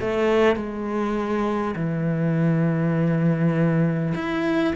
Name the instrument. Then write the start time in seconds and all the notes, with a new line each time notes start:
cello
0.00 A3
0.56 G#3
1.75 E3
4.14 E4